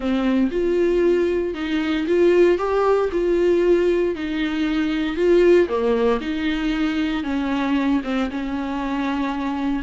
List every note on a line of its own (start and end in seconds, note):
0.00 0.49 C4
0.51 1.54 F4
1.54 2.06 D#4
2.07 2.57 F4
2.57 3.09 G4
3.12 4.15 F4
4.15 5.16 D#4
5.16 5.68 F4
5.68 6.20 A#3
6.20 7.23 D#4
7.23 8.01 C#4
8.04 8.30 C4
8.30 9.82 C#4